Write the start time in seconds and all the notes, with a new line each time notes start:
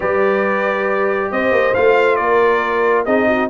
0.00 G3 G4 B4 D5
1.31 C4 C5 D#5
1.51 A#3
1.74 A3 F4 F5
2.16 A#3 A#4 D5
3.05 C4 D#4 G#4 D#5
3.28 F#4